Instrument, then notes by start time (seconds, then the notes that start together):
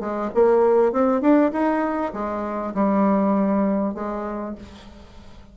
bassoon
0.00 G#3
0.34 A#3
0.92 C4
1.21 D4
1.52 D#4
2.13 G#3
2.74 G3
3.94 G#3